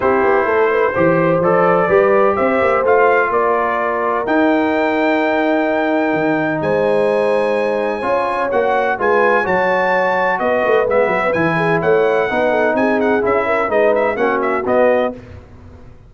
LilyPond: <<
  \new Staff \with { instrumentName = "trumpet" } { \time 4/4 \tempo 4 = 127 c''2. d''4~ | d''4 e''4 f''4 d''4~ | d''4 g''2.~ | g''2 gis''2~ |
gis''2 fis''4 gis''4 | a''2 dis''4 e''4 | gis''4 fis''2 gis''8 fis''8 | e''4 dis''8 e''8 fis''8 e''8 dis''4 | }
  \new Staff \with { instrumentName = "horn" } { \time 4/4 g'4 a'8 b'8 c''2 | b'4 c''2 ais'4~ | ais'1~ | ais'2 c''2~ |
c''4 cis''2 b'4 | cis''2 b'2~ | b'8 gis'8 cis''4 b'8 a'8 gis'4~ | gis'8 ais'8 b'4 fis'2 | }
  \new Staff \with { instrumentName = "trombone" } { \time 4/4 e'2 g'4 a'4 | g'2 f'2~ | f'4 dis'2.~ | dis'1~ |
dis'4 f'4 fis'4 f'4 | fis'2. b4 | e'2 dis'2 | e'4 dis'4 cis'4 b4 | }
  \new Staff \with { instrumentName = "tuba" } { \time 4/4 c'8 b8 a4 e4 f4 | g4 c'8 ais8 a4 ais4~ | ais4 dis'2.~ | dis'4 dis4 gis2~ |
gis4 cis'4 ais4 gis4 | fis2 b8 a8 gis8 fis8 | e4 a4 b4 c'4 | cis'4 gis4 ais4 b4 | }
>>